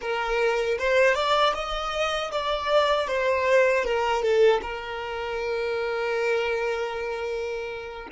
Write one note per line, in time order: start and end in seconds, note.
0.01 0.78 A#4
0.78 1.15 C5
1.15 1.53 D5
1.54 2.31 D#5
2.31 3.07 D5
3.07 3.84 C5
3.84 4.22 A#4
4.22 4.60 A4
4.62 8.08 A#4